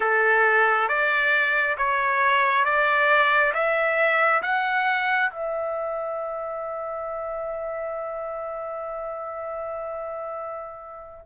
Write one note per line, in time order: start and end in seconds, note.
0.00 0.88 A4
0.88 1.76 D5
1.77 2.64 C#5
2.64 3.53 D5
3.53 4.42 E5
4.42 5.30 F#5
5.30 11.26 E5